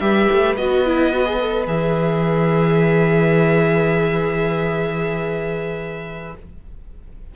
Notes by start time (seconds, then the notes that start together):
0.00 G3 G4 B4 E5
0.32 A3
0.57 B3 F#4 D#5
0.86 E4
1.13 F#4
1.25 G#4
1.40 A4
1.66 E3 G#4 E5